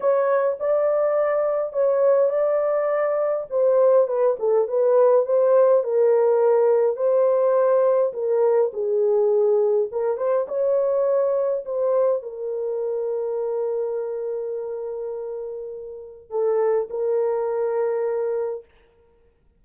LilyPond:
\new Staff \with { instrumentName = "horn" } { \time 4/4 \tempo 4 = 103 cis''4 d''2 cis''4 | d''2 c''4 b'8 a'8 | b'4 c''4 ais'2 | c''2 ais'4 gis'4~ |
gis'4 ais'8 c''8 cis''2 | c''4 ais'2.~ | ais'1 | a'4 ais'2. | }